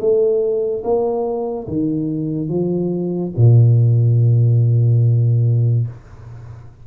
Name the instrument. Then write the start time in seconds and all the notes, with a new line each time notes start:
tuba
0.00 A3
0.84 A#3
1.68 D#3
2.49 F3
3.37 A#2